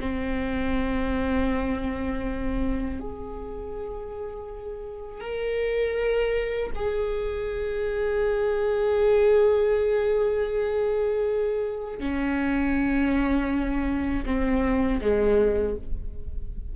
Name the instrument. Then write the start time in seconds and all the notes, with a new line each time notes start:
viola
0.00 C4
3.00 G#4
5.21 A#4
6.75 G#4
12.00 C#4
14.26 C4
15.01 G#3